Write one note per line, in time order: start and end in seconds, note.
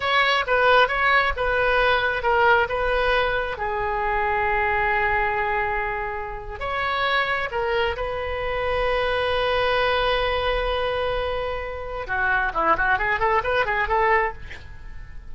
0.00 0.44 C#5
0.46 0.88 B4
0.88 1.32 C#5
1.36 2.23 B4
2.23 2.67 A#4
2.68 3.57 B4
3.57 6.59 G#4
6.59 7.49 C#5
7.51 7.96 A#4
7.96 12.07 B4
12.07 12.52 F#4
12.54 12.76 E4
12.77 12.98 F#4
12.98 13.19 G#4
13.19 13.42 A4
13.43 13.65 B4
13.65 13.88 G#4
13.88 14.32 A4